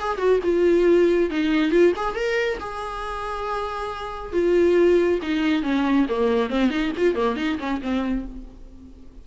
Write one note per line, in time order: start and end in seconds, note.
0.00 0.18 G#4
0.18 0.40 F#4
0.44 1.30 F4
1.30 1.71 D#4
1.71 1.93 F4
1.96 2.15 G#4
2.15 2.58 A#4
2.60 4.33 G#4
4.33 5.20 F4
5.22 5.63 D#4
5.63 6.06 C#4
6.09 6.50 A#3
6.50 6.70 C4
6.70 6.92 D#4
6.97 7.15 F4
7.15 7.37 A#3
7.37 7.58 D#4
7.59 7.81 C#4
7.82 8.25 C4